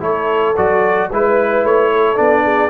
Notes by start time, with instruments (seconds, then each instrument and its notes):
0.00 tuba A3, trombone E4, horn A4, trumpet C#5
0.56 tuba F#3, trombone F#4, trumpet D5
1.10 tuba G#3, trombone E4, horn B4, trumpet B4
1.64 tuba A3, trumpet C#5
1.92 horn A4
2.16 tuba B3, trombone D4, trumpet D5
2.44 horn G#4